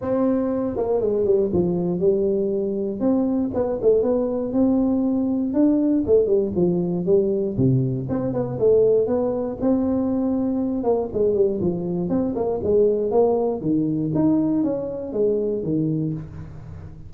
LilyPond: \new Staff \with { instrumentName = "tuba" } { \time 4/4 \tempo 4 = 119 c'4. ais8 gis8 g8 f4 | g2 c'4 b8 a8 | b4 c'2 d'4 | a8 g8 f4 g4 c4 |
c'8 b8 a4 b4 c'4~ | c'4. ais8 gis8 g8 f4 | c'8 ais8 gis4 ais4 dis4 | dis'4 cis'4 gis4 dis4 | }